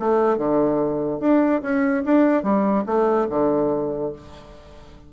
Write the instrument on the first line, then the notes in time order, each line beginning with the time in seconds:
bassoon
0.00 A3
0.38 D3
1.21 D4
1.63 C#4
2.05 D4
2.43 G3
2.86 A3
3.30 D3